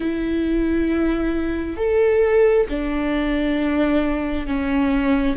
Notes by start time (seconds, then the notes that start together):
0.00 E4
1.77 A4
2.69 D4
4.47 C#4